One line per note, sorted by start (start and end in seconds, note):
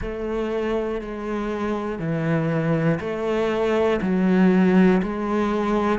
0.01 1.01 A3
1.01 1.99 G#3
1.99 2.99 E3
3.00 4.00 A3
4.01 5.01 F#3
5.02 5.99 G#3